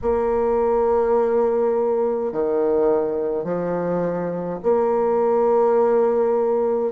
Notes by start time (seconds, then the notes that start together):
0.01 A#3
2.32 D#3
3.44 F3
4.62 A#3